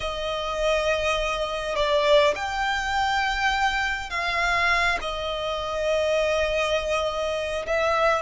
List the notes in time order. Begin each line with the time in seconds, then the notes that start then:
0.00 D#5
1.75 D5
2.35 G5
4.10 F5
5.01 D#5
7.66 E5